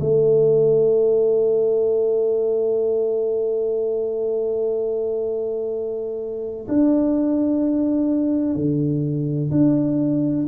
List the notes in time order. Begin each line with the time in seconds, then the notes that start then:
0.00 A3
6.68 D4
8.55 D3
9.51 D4